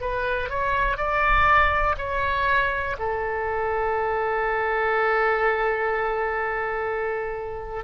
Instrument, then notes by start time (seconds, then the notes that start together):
oboe
0.00 B4
0.49 C#5
0.97 D5
1.97 C#5
2.98 A4